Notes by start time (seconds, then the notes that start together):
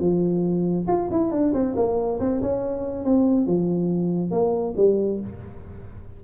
0.00 F3
0.88 F4
1.11 E4
1.31 D4
1.53 C4
1.76 A#3
2.20 C4
2.42 C#4
3.05 C4
3.47 F3
4.31 A#3
4.77 G3